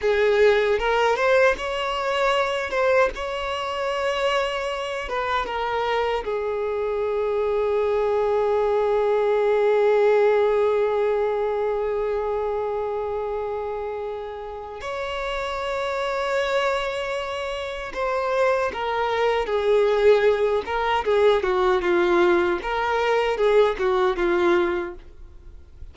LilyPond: \new Staff \with { instrumentName = "violin" } { \time 4/4 \tempo 4 = 77 gis'4 ais'8 c''8 cis''4. c''8 | cis''2~ cis''8 b'8 ais'4 | gis'1~ | gis'1~ |
gis'2. cis''4~ | cis''2. c''4 | ais'4 gis'4. ais'8 gis'8 fis'8 | f'4 ais'4 gis'8 fis'8 f'4 | }